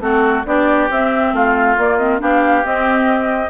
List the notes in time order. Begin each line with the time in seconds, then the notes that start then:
0.00 A3 C4 F#4 A4
0.46 B3 D4 G4 D5
0.90 C4 E5
1.33 A3 F4 F5
1.78 A#3 D5
1.98 C4 D#5
2.19 B3 D4 G4 F5
2.65 C4 D#5